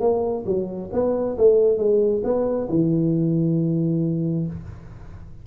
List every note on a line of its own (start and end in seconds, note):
0.00 0.44 A#3
0.45 0.90 F#3
0.92 1.37 B3
1.37 1.77 A3
1.77 2.22 G#3
2.24 2.68 B3
2.68 4.46 E3